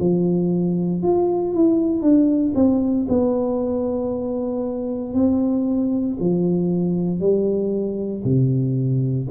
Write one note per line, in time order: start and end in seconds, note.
0.00 1.03 F3
1.03 1.54 F4
1.54 2.02 E4
2.02 2.53 D4
2.55 3.07 C4
3.08 5.14 B3
5.14 6.17 C4
6.20 7.20 F3
7.20 8.23 G3
8.24 9.27 C3